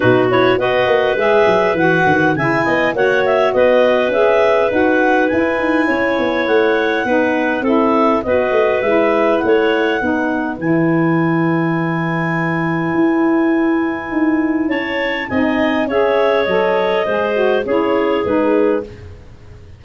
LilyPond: <<
  \new Staff \with { instrumentName = "clarinet" } { \time 4/4 \tempo 4 = 102 b'8 cis''8 dis''4 e''4 fis''4 | gis''4 fis''8 e''8 dis''4 e''4 | fis''4 gis''2 fis''4~ | fis''4 e''4 dis''4 e''4 |
fis''2 gis''2~ | gis''1~ | gis''4 a''4 gis''4 e''4 | dis''2 cis''4 b'4 | }
  \new Staff \with { instrumentName = "clarinet" } { \time 4/4 fis'4 b'2. | e''8 dis''8 cis''4 b'2~ | b'2 cis''2 | b'4 a'4 b'2 |
cis''4 b'2.~ | b'1~ | b'4 cis''4 dis''4 cis''4~ | cis''4 c''4 gis'2 | }
  \new Staff \with { instrumentName = "saxophone" } { \time 4/4 dis'8 e'8 fis'4 gis'4 fis'4 | e'4 fis'2 gis'4 | fis'4 e'2. | dis'4 e'4 fis'4 e'4~ |
e'4 dis'4 e'2~ | e'1~ | e'2 dis'4 gis'4 | a'4 gis'8 fis'8 e'4 dis'4 | }
  \new Staff \with { instrumentName = "tuba" } { \time 4/4 b,4 b8 ais8 gis8 fis8 e8 dis8 | cis8 b8 ais4 b4 cis'4 | dis'4 e'8 dis'8 cis'8 b8 a4 | b4 c'4 b8 a8 gis4 |
a4 b4 e2~ | e2 e'2 | dis'4 cis'4 c'4 cis'4 | fis4 gis4 cis'4 gis4 | }
>>